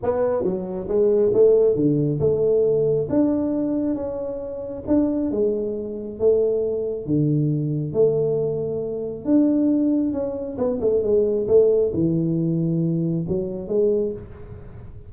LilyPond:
\new Staff \with { instrumentName = "tuba" } { \time 4/4 \tempo 4 = 136 b4 fis4 gis4 a4 | d4 a2 d'4~ | d'4 cis'2 d'4 | gis2 a2 |
d2 a2~ | a4 d'2 cis'4 | b8 a8 gis4 a4 e4~ | e2 fis4 gis4 | }